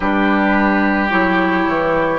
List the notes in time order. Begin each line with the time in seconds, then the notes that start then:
0.00 G3 D4 G4 B4
1.09 F#3 E4 C#5
1.67 E3